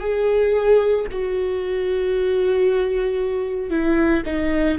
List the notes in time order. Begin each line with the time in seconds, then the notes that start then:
0.00 G#4
1.11 F#4
3.70 E4
4.25 D#4